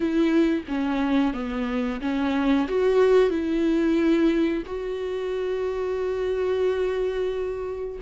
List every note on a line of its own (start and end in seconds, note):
0.00 0.63 E4
0.68 1.33 C#4
1.33 2.00 B3
2.00 2.67 C#4
2.68 3.30 F#4
3.30 4.63 E4
4.65 7.99 F#4